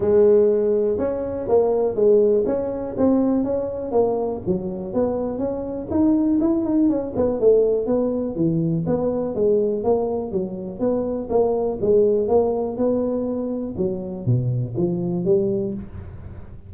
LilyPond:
\new Staff \with { instrumentName = "tuba" } { \time 4/4 \tempo 4 = 122 gis2 cis'4 ais4 | gis4 cis'4 c'4 cis'4 | ais4 fis4 b4 cis'4 | dis'4 e'8 dis'8 cis'8 b8 a4 |
b4 e4 b4 gis4 | ais4 fis4 b4 ais4 | gis4 ais4 b2 | fis4 b,4 f4 g4 | }